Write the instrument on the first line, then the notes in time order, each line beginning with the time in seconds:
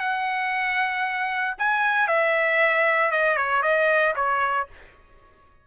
trumpet
0.00 F#5
1.59 G#5
2.08 E5
3.12 D#5
3.37 C#5
3.63 D#5
4.16 C#5